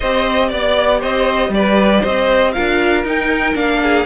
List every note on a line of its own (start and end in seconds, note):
0.00 0.51 C4
0.00 2.54 G4
0.00 0.48 C5
0.00 0.49 D#5
0.49 1.02 B3
0.49 1.00 D5
0.49 0.99 D5
0.99 1.49 C4
0.99 1.50 C5
0.99 1.53 D#5
1.49 2.00 G3
1.49 2.04 D5
1.55 2.01 B4
2.01 2.56 C4
2.01 2.51 C5
2.01 2.52 D#5
2.52 3.04 D4
2.52 3.05 F4
2.52 3.80 A#4
2.52 3.03 F5
3.04 3.54 D#4
3.04 3.55 G5
3.54 4.05 A#3
3.54 4.05 D4
3.54 4.05 F5
3.82 4.05 G#4